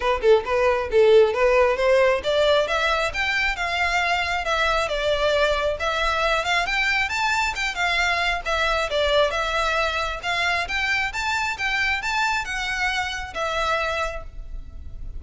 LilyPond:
\new Staff \with { instrumentName = "violin" } { \time 4/4 \tempo 4 = 135 b'8 a'8 b'4 a'4 b'4 | c''4 d''4 e''4 g''4 | f''2 e''4 d''4~ | d''4 e''4. f''8 g''4 |
a''4 g''8 f''4. e''4 | d''4 e''2 f''4 | g''4 a''4 g''4 a''4 | fis''2 e''2 | }